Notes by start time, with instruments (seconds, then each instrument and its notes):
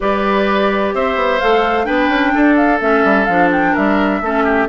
0.00 bassoon G3, clarinet G4, oboe B4, flute D5
0.94 bassoon C4, oboe C5, flute E5
1.15 bassoon B3
1.39 bassoon A3, clarinet A4, flute F5
1.84 bassoon B3, clarinet D4, oboe B4, flute G5
2.08 bassoon C#4
2.33 bassoon D4, oboe A4
2.56 flute F5
2.80 bassoon A3, clarinet C#4, flute E5
3.04 bassoon G3
3.25 bassoon F3, clarinet D4, flute F5
3.52 flute G5
3.72 bassoon G3, oboe A#4, flute E5
4.21 bassoon A3, clarinet C#4, oboe A4
4.44 oboe G4